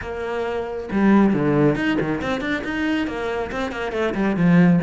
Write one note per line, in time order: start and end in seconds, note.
0.01 0.89 A#3
0.91 1.33 G3
1.33 1.75 D3
1.75 1.97 D#4
2.00 2.21 D#3
2.21 2.40 C4
2.40 2.62 D4
2.64 3.07 D#4
3.07 3.51 A#3
3.51 3.71 C4
3.71 3.92 A#3
3.92 4.13 A3
4.14 4.36 G3
4.36 4.80 F3